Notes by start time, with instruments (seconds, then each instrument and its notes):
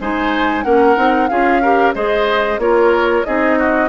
0.00 bassoon G#3, clarinet D#4, oboe C5, flute G#5
0.63 bassoon A#3, clarinet C#4, oboe A#4, flute F#5
0.96 bassoon C4, clarinet D#4
1.28 bassoon C#4, clarinet F4, oboe G#4, flute F5
1.62 clarinet G4, oboe A#4
1.94 bassoon G#3, clarinet G#4, oboe C5, flute D#5
2.58 bassoon A#3, clarinet F4, oboe A#4, flute C#5
3.24 bassoon C4, clarinet D#4, oboe G#4, flute D#5
3.59 oboe F#4